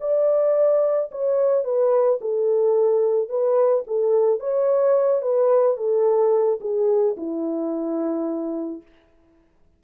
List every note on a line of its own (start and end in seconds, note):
0.00 1.10 D5
1.11 1.64 C#5
1.64 2.19 B4
2.21 3.29 A4
3.29 3.84 B4
3.87 4.40 A4
4.40 5.22 C#5
5.22 5.77 B4
5.77 6.59 A4
6.61 7.16 G#4
7.17 8.82 E4